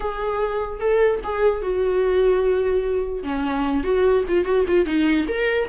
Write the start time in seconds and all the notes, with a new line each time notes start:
0.00 G#4
0.80 A4
1.23 G#4
1.62 F#4
3.23 C#4
3.83 F#4
4.28 F4
4.44 F#4
4.67 F4
4.85 D#4
5.28 A#4